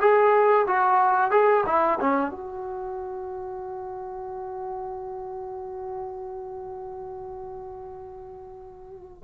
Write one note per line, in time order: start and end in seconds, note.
0.00 0.66 G#4
0.67 1.31 F#4
1.31 1.64 G#4
1.66 1.99 E4
2.00 2.30 C#4
2.30 9.23 F#4